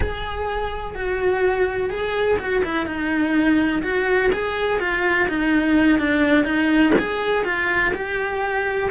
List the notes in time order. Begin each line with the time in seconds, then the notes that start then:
0.00 G#4
0.94 F#4
1.89 G#4
2.38 F#4
2.64 E4
2.86 D#4
3.82 F#4
4.32 G#4
4.79 F4
5.28 D#4
5.98 D4
6.44 D#4
6.98 G#4
7.44 F4
7.93 G4